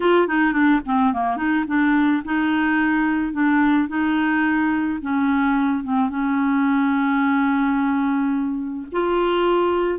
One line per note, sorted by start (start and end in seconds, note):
0.00 0.27 F4
0.27 0.52 D#4
0.52 0.80 D4
0.85 1.13 C4
1.13 1.36 A#3
1.36 1.64 D#4
1.67 2.22 D4
2.24 3.33 D#4
3.33 3.88 D4
3.88 4.99 D#4
5.01 5.83 C#4
5.83 6.09 C4
6.09 8.87 C#4
8.91 9.99 F4